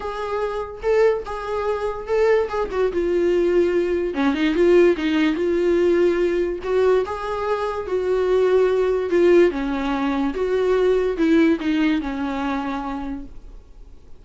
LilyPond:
\new Staff \with { instrumentName = "viola" } { \time 4/4 \tempo 4 = 145 gis'2 a'4 gis'4~ | gis'4 a'4 gis'8 fis'8 f'4~ | f'2 cis'8 dis'8 f'4 | dis'4 f'2. |
fis'4 gis'2 fis'4~ | fis'2 f'4 cis'4~ | cis'4 fis'2 e'4 | dis'4 cis'2. | }